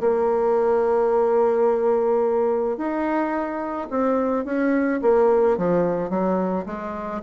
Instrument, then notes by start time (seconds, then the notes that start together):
bassoon
0.00 A#3
2.77 D#4
3.90 C4
4.45 C#4
5.02 A#3
5.57 F3
6.10 F#3
6.65 G#3